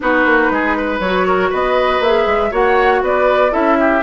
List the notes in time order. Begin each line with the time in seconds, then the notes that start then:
0.00 B3 D#4 F#4 B4
0.25 A#3
0.50 G#3 G#4
0.77 B4
0.99 F#3 F#4 C#5
1.26 A#4
1.49 B3 B4 D#5
1.99 A#3 G#4 E5
2.26 G#3
2.50 A#3 F#4 C#5 F#5
3.01 B3 B4 D5
3.50 C#4 E4 A4 E5
3.79 G4